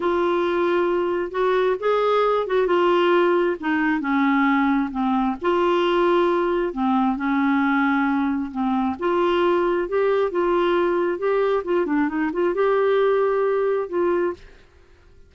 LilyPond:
\new Staff \with { instrumentName = "clarinet" } { \time 4/4 \tempo 4 = 134 f'2. fis'4 | gis'4. fis'8 f'2 | dis'4 cis'2 c'4 | f'2. c'4 |
cis'2. c'4 | f'2 g'4 f'4~ | f'4 g'4 f'8 d'8 dis'8 f'8 | g'2. f'4 | }